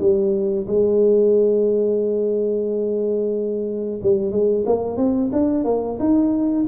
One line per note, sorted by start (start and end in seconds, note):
0.00 0.67 G3
0.67 4.01 G#3
4.02 4.32 G3
4.32 4.65 G#3
4.66 4.97 A#3
4.97 5.30 C4
5.32 5.65 D4
5.65 5.98 A#3
5.99 6.66 D#4